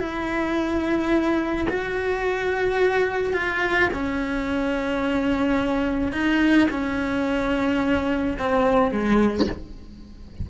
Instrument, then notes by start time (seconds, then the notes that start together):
cello
0.00 E4
1.69 F#4
3.33 F4
3.93 C#4
6.12 D#4
6.71 C#4
8.39 C4
8.92 G#3